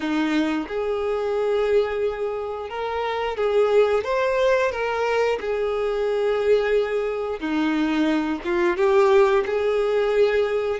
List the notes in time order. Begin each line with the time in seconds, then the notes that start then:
0.00 D#4
0.67 G#4
2.69 A#4
3.36 G#4
4.04 C5
4.71 A#4
5.40 G#4
7.40 D#4
8.44 F4
8.76 G4
9.46 G#4